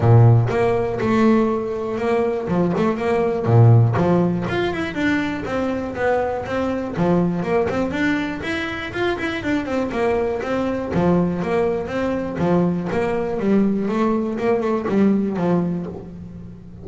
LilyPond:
\new Staff \with { instrumentName = "double bass" } { \time 4/4 \tempo 4 = 121 ais,4 ais4 a2 | ais4 f8 a8 ais4 ais,4 | f4 f'8 e'8 d'4 c'4 | b4 c'4 f4 ais8 c'8 |
d'4 e'4 f'8 e'8 d'8 c'8 | ais4 c'4 f4 ais4 | c'4 f4 ais4 g4 | a4 ais8 a8 g4 f4 | }